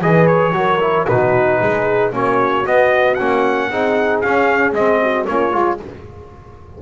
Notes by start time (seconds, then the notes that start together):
0.00 E3 G#4 B4 D#5
0.27 C#5
0.53 F#3 F#4 A#4
0.81 E4
1.07 B2 D#4 F#4 B4
1.60 G#3 G#4
2.12 A#3 C#4 F#4 C#5
2.64 B3 D#5
3.15 A#3 C#4 F#5
3.70 C4 D#4 G#4
4.21 C#4 F5
4.73 G#3 C4 D#5
5.03 F#4
5.26 A#3 C#4 F4 C#5
5.52 G#3 F4